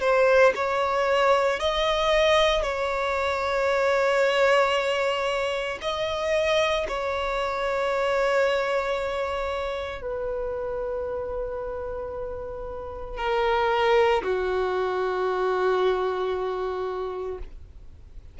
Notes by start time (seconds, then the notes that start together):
0.00 C5
0.55 C#5
1.60 D#5
2.62 C#5
5.81 D#5
6.88 C#5
10.02 B4
13.17 A#4
14.23 F#4